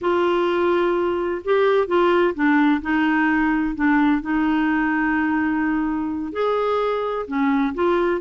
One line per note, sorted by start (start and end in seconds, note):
0.01 1.42 F4
1.44 1.87 G4
1.87 2.34 F4
2.34 2.81 D4
2.81 3.75 D#4
3.75 4.21 D4
4.21 6.32 D#4
6.32 7.25 G#4
7.27 7.74 C#4
7.74 8.21 F4